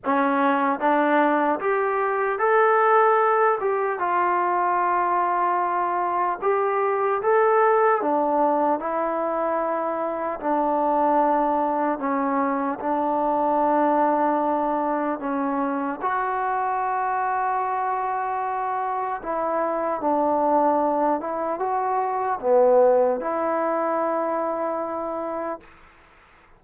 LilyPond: \new Staff \with { instrumentName = "trombone" } { \time 4/4 \tempo 4 = 75 cis'4 d'4 g'4 a'4~ | a'8 g'8 f'2. | g'4 a'4 d'4 e'4~ | e'4 d'2 cis'4 |
d'2. cis'4 | fis'1 | e'4 d'4. e'8 fis'4 | b4 e'2. | }